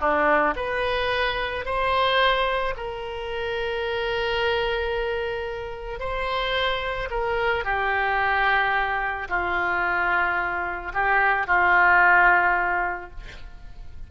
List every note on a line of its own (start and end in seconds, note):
0.00 0.55 D4
0.56 1.65 B4
1.66 2.75 C5
2.77 6.00 A#4
6.00 7.09 C5
7.11 7.65 A#4
7.65 9.28 G4
9.29 10.93 F4
10.94 11.47 G4
11.47 13.11 F4